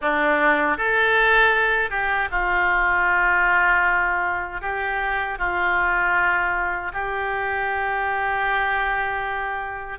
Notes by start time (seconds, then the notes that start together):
0.01 D4
0.77 A4
1.90 G4
2.31 F4
4.61 G4
5.38 F4
6.93 G4